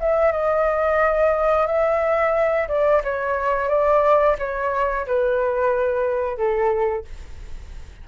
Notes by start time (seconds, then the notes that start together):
0.00 E5
0.31 D#5
1.66 E5
2.68 D5
3.03 C#5
3.68 D5
4.39 C#5
5.06 B4
6.37 A4